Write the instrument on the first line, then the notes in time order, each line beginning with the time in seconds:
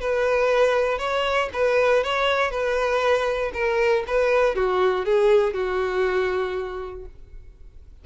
violin
0.00 B4
0.98 C#5
1.53 B4
2.03 C#5
2.50 B4
3.53 A#4
4.07 B4
4.55 F#4
5.05 G#4
5.53 F#4